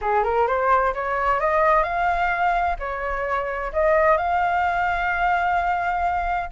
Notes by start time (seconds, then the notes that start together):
0.01 G#4
0.23 A#4
0.47 C5
0.93 C#5
1.40 D#5
1.83 F5
2.79 C#5
3.73 D#5
4.17 F5